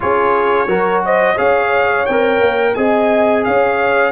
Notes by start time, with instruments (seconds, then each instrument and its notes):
0.00 tuba C#4, trombone F4, horn G#4, trumpet C#5
0.67 tuba F#3, trombone F#4, horn A#4
1.05 horn C5, trumpet D#5
1.34 tuba C#4, trombone G#4, horn C#5, trumpet F5
2.06 tuba C4, trombone A#4, trumpet G5
2.40 tuba A#3
2.74 tuba C4, trombone G#4, horn D#5, trumpet G#5
3.44 tuba C#4, horn C#5, trumpet F5